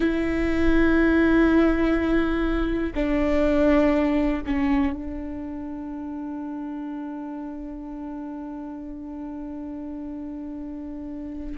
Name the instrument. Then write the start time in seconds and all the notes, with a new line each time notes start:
viola
0.00 E4
2.94 D4
4.46 C#4
4.92 D4